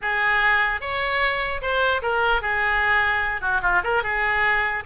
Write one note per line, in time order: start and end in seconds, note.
0.01 0.80 G#4
0.80 1.61 C#5
1.61 2.01 C5
2.01 2.41 A#4
2.41 3.41 G#4
3.41 3.61 F#4
3.61 3.82 F4
3.83 4.03 A#4
4.03 4.83 G#4